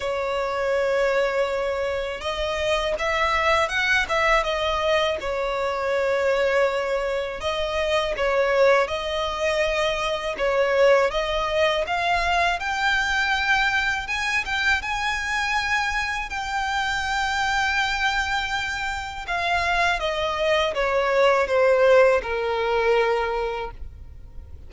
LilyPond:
\new Staff \with { instrumentName = "violin" } { \time 4/4 \tempo 4 = 81 cis''2. dis''4 | e''4 fis''8 e''8 dis''4 cis''4~ | cis''2 dis''4 cis''4 | dis''2 cis''4 dis''4 |
f''4 g''2 gis''8 g''8 | gis''2 g''2~ | g''2 f''4 dis''4 | cis''4 c''4 ais'2 | }